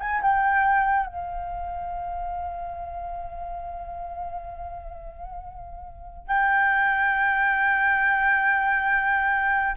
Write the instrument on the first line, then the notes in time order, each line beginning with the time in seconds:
flute
0.00 G#5
0.22 G5
1.06 F5
6.28 G5